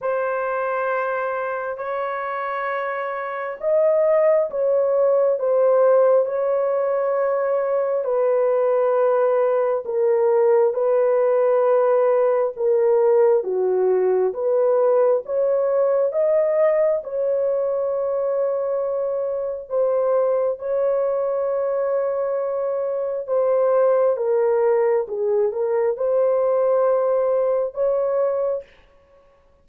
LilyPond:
\new Staff \with { instrumentName = "horn" } { \time 4/4 \tempo 4 = 67 c''2 cis''2 | dis''4 cis''4 c''4 cis''4~ | cis''4 b'2 ais'4 | b'2 ais'4 fis'4 |
b'4 cis''4 dis''4 cis''4~ | cis''2 c''4 cis''4~ | cis''2 c''4 ais'4 | gis'8 ais'8 c''2 cis''4 | }